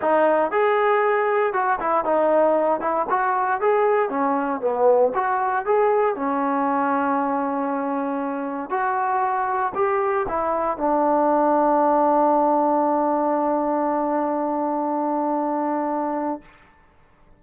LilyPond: \new Staff \with { instrumentName = "trombone" } { \time 4/4 \tempo 4 = 117 dis'4 gis'2 fis'8 e'8 | dis'4. e'8 fis'4 gis'4 | cis'4 b4 fis'4 gis'4 | cis'1~ |
cis'4 fis'2 g'4 | e'4 d'2.~ | d'1~ | d'1 | }